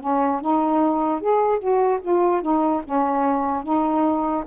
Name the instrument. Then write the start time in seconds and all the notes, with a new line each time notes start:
saxophone
0.00 C#4
0.41 D#4
1.21 G#4
1.59 F#4
2.01 F4
2.42 D#4
2.84 C#4
3.63 D#4